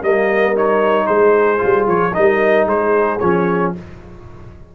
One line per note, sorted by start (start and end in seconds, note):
0.00 1.08 G3
0.00 0.55 A#3
0.00 1.06 A#4
0.00 0.56 D#5
0.55 1.58 D#4
0.55 1.06 C#5
1.06 1.62 G#3
1.06 2.13 G#4
1.06 1.86 C5
1.58 2.11 F4
1.64 1.87 G3
1.87 2.13 F3
1.87 2.14 C#5
2.13 2.66 G3
2.13 3.19 D#4
2.13 2.68 A#4
2.13 2.67 D#5
2.66 3.19 G#3
2.66 3.74 G#4
2.66 3.19 C5
3.19 3.75 F3
3.19 3.75 C#4
3.19 3.72 C#5